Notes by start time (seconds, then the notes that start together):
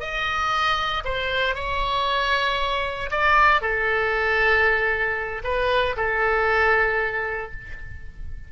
0.00 D#5
1.05 C5
1.55 C#5
3.11 D5
3.61 A4
5.44 B4
5.97 A4